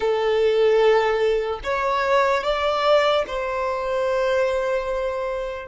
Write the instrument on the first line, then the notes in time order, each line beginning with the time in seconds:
violin
0.00 A4
1.63 C#5
2.43 D5
3.27 C5